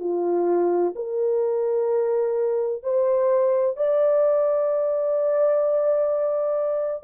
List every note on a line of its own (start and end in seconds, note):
0.00 0.94 F4
0.95 2.83 A#4
2.83 3.77 C5
3.77 7.04 D5